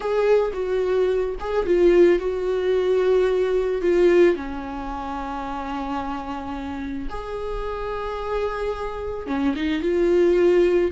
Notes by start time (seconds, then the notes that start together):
0.00 G#4
0.53 F#4
1.40 G#4
1.66 F4
2.19 F#4
3.81 F4
4.35 C#4
7.09 G#4
9.27 C#4
9.55 D#4
9.82 F4